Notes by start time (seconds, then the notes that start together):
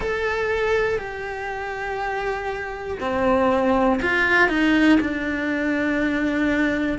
0.00 A4
0.98 G4
3.00 C4
4.02 F4
4.49 D#4
5.00 D4